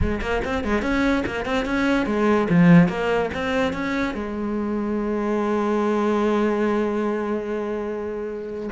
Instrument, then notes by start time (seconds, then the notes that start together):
cello
0.01 G#3
0.21 A#3
0.44 C4
0.64 G#3
0.82 C#4
1.25 A#3
1.45 C4
1.65 C#4
2.06 G#3
2.49 F3
2.88 A#3
3.33 C4
3.72 C#4
4.14 G#3